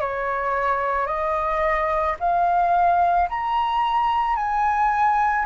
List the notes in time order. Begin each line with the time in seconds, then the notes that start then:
0.00 C#5
1.06 D#5
2.20 F5
3.29 A#5
4.36 G#5